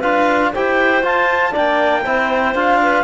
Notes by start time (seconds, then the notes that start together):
0.00 D4 F4 B4 F5
0.54 E4 G4 C5 G5
1.03 F4 A5
1.52 A#3 D4 D5 G5
2.04 C4 E4 C5
2.55 D4 F4 F5
2.83 B4